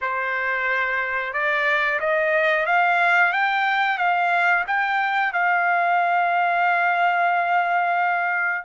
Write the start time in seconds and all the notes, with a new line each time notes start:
0.01 C5
1.33 D5
1.99 D#5
2.65 F5
3.32 G5
3.98 F5
4.67 G5
5.32 F5